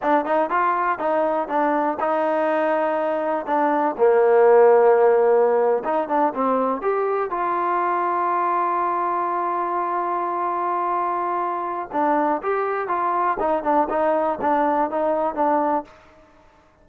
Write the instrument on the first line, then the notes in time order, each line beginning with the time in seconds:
trombone
0.02 D4
0.25 D#4
0.50 F4
0.98 D#4
1.48 D4
1.99 D#4
3.46 D4
3.97 A#3
5.84 D#4
6.08 D4
6.34 C4
6.81 G4
7.30 F4
11.91 D4
12.42 G4
12.87 F4
13.39 D#4
13.63 D4
13.89 D#4
14.41 D4
14.90 D#4
15.34 D4